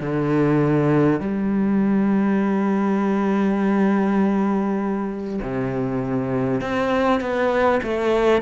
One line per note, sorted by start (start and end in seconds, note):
0.00 1.20 D3
1.20 5.40 G3
5.41 6.61 C3
6.61 7.20 C4
7.20 7.80 B3
7.83 8.42 A3